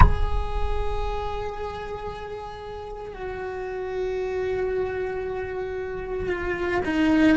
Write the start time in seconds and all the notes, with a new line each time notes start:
0.00 G#4
3.13 F#4
6.28 F4
6.84 D#4